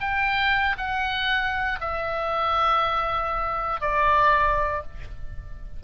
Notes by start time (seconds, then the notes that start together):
0.00 G5
0.78 F#5
1.80 E5
3.81 D5